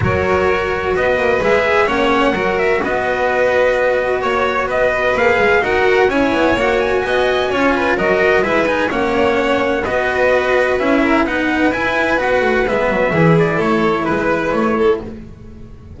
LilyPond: <<
  \new Staff \with { instrumentName = "trumpet" } { \time 4/4 \tempo 4 = 128 cis''2 dis''4 e''4 | fis''4. e''8 dis''2~ | dis''4 cis''4 dis''4 f''4 | fis''4 gis''4 fis''8 gis''4.~ |
gis''4 dis''4 e''8 gis''8 fis''4~ | fis''4 dis''2 e''4 | fis''4 gis''4 fis''4 e''4~ | e''8 d''8 cis''4 b'4 cis''4 | }
  \new Staff \with { instrumentName = "violin" } { \time 4/4 ais'2 b'2 | cis''4 ais'4 b'2~ | b'4 cis''4 b'2 | ais'4 cis''2 dis''4 |
cis''8 b'8 ais'4 b'4 cis''4~ | cis''4 b'2~ b'8 ais'8 | b'1 | gis'4 a'4 b'4. a'8 | }
  \new Staff \with { instrumentName = "cello" } { \time 4/4 fis'2. gis'4 | cis'4 fis'2.~ | fis'2. gis'4 | fis'4 e'4 fis'2 |
f'4 fis'4 e'8 dis'8 cis'4~ | cis'4 fis'2 e'4 | dis'4 e'4 fis'4 b4 | e'1 | }
  \new Staff \with { instrumentName = "double bass" } { \time 4/4 fis2 b8 ais8 gis4 | ais4 fis4 b2~ | b4 ais4 b4 ais8 gis8 | dis'4 cis'8 b8 ais4 b4 |
cis'4 fis4 gis4 ais4~ | ais4 b2 cis'4 | b4 e'4 b8 a8 gis8 fis8 | e4 a4 gis4 a4 | }
>>